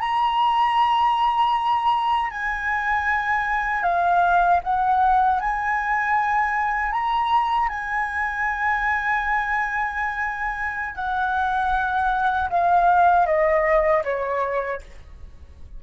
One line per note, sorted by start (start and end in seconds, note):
0.00 2.31 A#5
2.31 3.83 G#5
3.83 4.60 F5
4.64 5.41 F#5
5.41 6.92 G#5
6.92 7.69 A#5
7.69 10.95 G#5
10.96 12.50 F#5
12.50 13.26 F5
13.26 14.03 D#5
14.04 14.81 C#5